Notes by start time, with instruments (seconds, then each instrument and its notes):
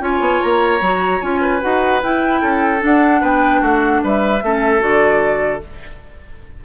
0.00 bassoon C#4, clarinet F4, oboe C#5, flute G#5
0.20 bassoon B3
0.42 bassoon A#3, flute A#5
0.81 bassoon F#3, clarinet F#4
1.21 bassoon C#4, clarinet F4, flute G#5
1.41 oboe B4
1.61 bassoon D#4, clarinet F#4, flute F#5
2.03 bassoon E4, clarinet E4, flute G5
2.41 bassoon C#4, oboe A4
2.79 clarinet D4, bassoon D4
2.85 flute F#5
3.21 bassoon B3, oboe B4, flute G5
3.61 bassoon A3, oboe F#4, flute F#5
4.03 bassoon G3, oboe B4, flute E5
4.43 bassoon A3, clarinet C#4, oboe A4
4.80 bassoon D3, clarinet F#4, flute D5